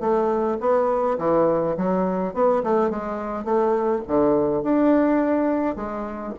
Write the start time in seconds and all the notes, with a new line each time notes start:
0.00 A3
0.60 B3
1.18 E3
1.77 F#3
2.33 B3
2.63 A3
2.90 G#3
3.44 A3
4.07 D3
4.63 D4
5.76 G#3